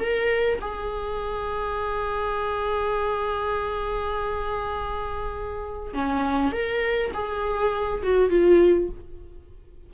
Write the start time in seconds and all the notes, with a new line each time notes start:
0.00 A#4
0.61 G#4
5.94 C#4
6.52 A#4
7.14 G#4
8.03 F#4
8.30 F4